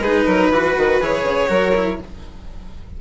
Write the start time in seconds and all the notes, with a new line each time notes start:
0.00 G#3 D#4 G#4 B4
0.25 F#3 A#4
0.50 E3 F#4 B4
0.77 D#3
1.00 E3 G#4 C#5
1.23 C#3
1.48 F#3 F#4 A#4
1.74 E4